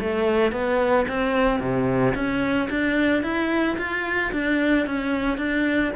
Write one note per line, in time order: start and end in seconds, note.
0.00 0.52 A3
0.52 1.06 B3
1.08 1.60 C4
1.60 2.14 C3
2.15 2.69 C#4
2.70 3.23 D4
3.23 3.77 E4
3.78 4.32 F4
4.32 4.86 D4
4.86 5.38 C#4
5.38 5.92 D4